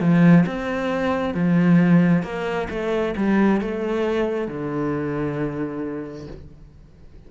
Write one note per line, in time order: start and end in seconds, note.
0.00 0.45 F3
0.46 1.34 C4
1.34 2.23 F3
2.23 2.67 A#3
2.69 3.14 A3
3.17 3.61 G3
3.61 4.48 A3
4.48 6.27 D3